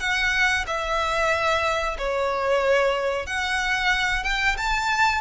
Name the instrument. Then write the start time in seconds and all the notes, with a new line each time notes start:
violin
0.00 F#5
0.67 E5
1.98 C#5
3.26 F#5
4.24 G5
4.57 A5